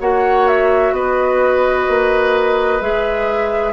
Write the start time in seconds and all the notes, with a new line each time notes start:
0.00 A#3 F#4 C#5 F#5
0.47 E5
0.92 B3 B4 D#5
1.88 A#3
2.80 G#3 G#4 E5